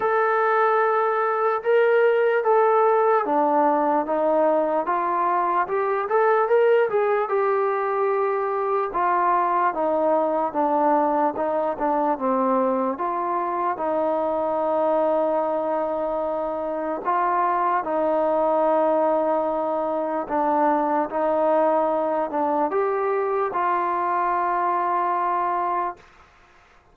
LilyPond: \new Staff \with { instrumentName = "trombone" } { \time 4/4 \tempo 4 = 74 a'2 ais'4 a'4 | d'4 dis'4 f'4 g'8 a'8 | ais'8 gis'8 g'2 f'4 | dis'4 d'4 dis'8 d'8 c'4 |
f'4 dis'2.~ | dis'4 f'4 dis'2~ | dis'4 d'4 dis'4. d'8 | g'4 f'2. | }